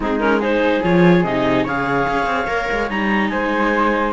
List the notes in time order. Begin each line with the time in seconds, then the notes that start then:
0.00 G#3 C4 D#4 G#4
0.19 C#4 A#4
0.40 D#4 G#4 C5
0.83 F3 F4 C#5
1.23 C3 D#4 D#5
1.64 C#3 G#4 C#5 F5
2.07 C#4
2.26 C4
2.46 A#3 A#4
2.71 G#3
2.89 G3 D#4 A#5
3.29 G#3 C5 G#5